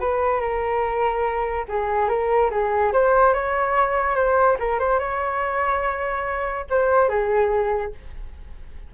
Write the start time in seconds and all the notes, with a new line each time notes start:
0.00 B4
0.40 A#4
1.68 G#4
2.09 A#4
2.51 G#4
2.93 C5
3.34 C#5
4.16 C5
4.59 A#4
4.79 C5
4.99 C#5
6.70 C5
7.09 G#4